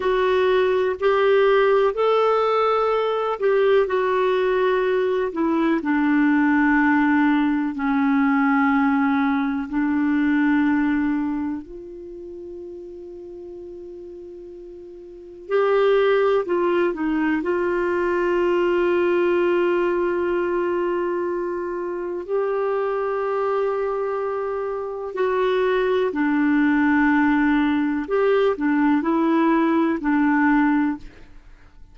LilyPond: \new Staff \with { instrumentName = "clarinet" } { \time 4/4 \tempo 4 = 62 fis'4 g'4 a'4. g'8 | fis'4. e'8 d'2 | cis'2 d'2 | f'1 |
g'4 f'8 dis'8 f'2~ | f'2. g'4~ | g'2 fis'4 d'4~ | d'4 g'8 d'8 e'4 d'4 | }